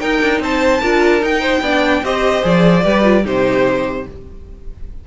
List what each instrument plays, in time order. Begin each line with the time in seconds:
0.00 viola D#4, cello D#4, violin A#4 G5
0.22 cello D4
0.40 cello C4, violin C5 A5
0.81 cello D4, viola F4, violin A#4
1.21 viola D#4, cello D#4, violin G5
1.41 violin C5
1.61 cello B3, viola D4, violin D5
2.02 cello C4, viola G4, violin C5 D#5
2.42 cello F3, viola G#4, violin D5
2.83 cello G3, viola G4, violin B4
3.03 viola F4
3.24 cello C3, viola D#4, violin G4 C5